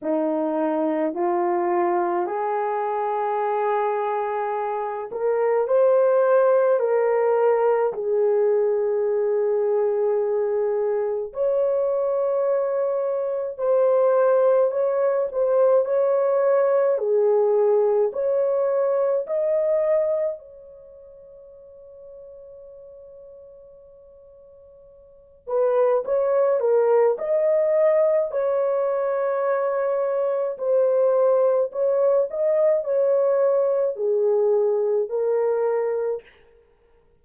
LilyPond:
\new Staff \with { instrumentName = "horn" } { \time 4/4 \tempo 4 = 53 dis'4 f'4 gis'2~ | gis'8 ais'8 c''4 ais'4 gis'4~ | gis'2 cis''2 | c''4 cis''8 c''8 cis''4 gis'4 |
cis''4 dis''4 cis''2~ | cis''2~ cis''8 b'8 cis''8 ais'8 | dis''4 cis''2 c''4 | cis''8 dis''8 cis''4 gis'4 ais'4 | }